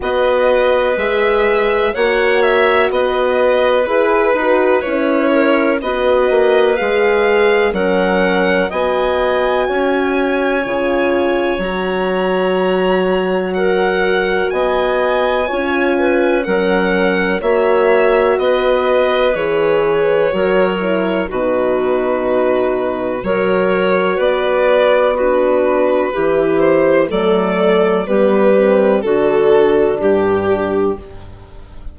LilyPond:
<<
  \new Staff \with { instrumentName = "violin" } { \time 4/4 \tempo 4 = 62 dis''4 e''4 fis''8 e''8 dis''4 | b'4 cis''4 dis''4 f''4 | fis''4 gis''2. | ais''2 fis''4 gis''4~ |
gis''4 fis''4 e''4 dis''4 | cis''2 b'2 | cis''4 d''4 b'4. c''8 | d''4 b'4 a'4 g'4 | }
  \new Staff \with { instrumentName = "clarinet" } { \time 4/4 b'2 cis''4 b'4~ | b'4. ais'8 b'2 | ais'4 dis''4 cis''2~ | cis''2 ais'4 dis''4 |
cis''8 b'8 ais'4 cis''4 b'4~ | b'4 ais'4 fis'2 | ais'4 b'4 fis'4 g'4 | a'4 g'4 fis'4 g'4 | }
  \new Staff \with { instrumentName = "horn" } { \time 4/4 fis'4 gis'4 fis'2 | gis'8 fis'8 e'4 fis'4 gis'4 | cis'4 fis'2 f'4 | fis'1 |
f'4 cis'4 fis'2 | gis'4 fis'8 e'8 dis'2 | fis'2 d'4 e'4 | a4 b8 c'8 d'2 | }
  \new Staff \with { instrumentName = "bassoon" } { \time 4/4 b4 gis4 ais4 b4 | e'8 dis'8 cis'4 b8 ais8 gis4 | fis4 b4 cis'4 cis4 | fis2. b4 |
cis'4 fis4 ais4 b4 | e4 fis4 b,2 | fis4 b2 e4 | fis4 g4 d4 g,4 | }
>>